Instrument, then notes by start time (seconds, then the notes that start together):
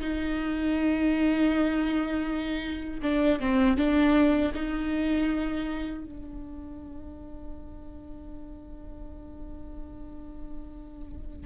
viola
0.00 D#4
3.02 D4
3.40 C4
3.77 D4
4.54 D#4
6.04 D4